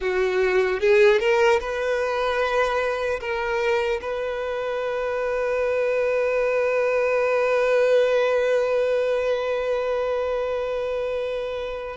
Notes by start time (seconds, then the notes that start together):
0.00 F#4
0.80 G#4
1.19 A#4
1.60 B4
3.20 A#4
4.01 B4